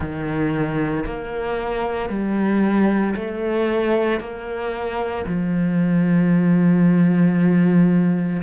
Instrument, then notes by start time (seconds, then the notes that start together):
cello
0.00 D#3
1.05 A#3
2.09 G3
3.15 A3
4.20 A#3
5.26 F3